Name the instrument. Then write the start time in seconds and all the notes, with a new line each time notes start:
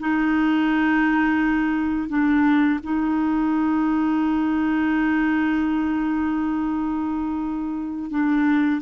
clarinet
0.00 D#4
2.09 D4
2.83 D#4
8.10 D4